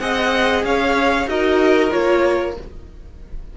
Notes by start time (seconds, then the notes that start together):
0.00 C4 G#4 D#5 F#5
0.64 C#4 C#5 F5
1.27 D#4 F#4 A#4 D#5
1.90 A#3 F4 C#5